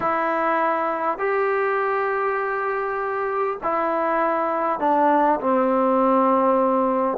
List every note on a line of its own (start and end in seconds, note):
0.00 1.18 E4
1.18 3.58 G4
3.63 4.79 E4
4.79 5.39 D4
5.40 7.18 C4